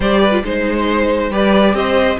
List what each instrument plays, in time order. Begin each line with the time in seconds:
0.00 cello G3, viola G4, violin C5 D5
0.21 violin B4
0.31 viola F4
0.43 cello G#3, viola D#4, violin C5
1.30 cello G3, viola G4, violin B4 D5
1.73 cello C4, violin C5 D#5